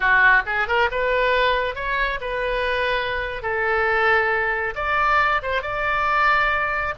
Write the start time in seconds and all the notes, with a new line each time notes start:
0.00 F#4
0.45 G#4
0.67 A#4
0.91 B4
1.75 C#5
2.21 B4
3.42 A4
4.75 D5
5.42 C5
5.61 D5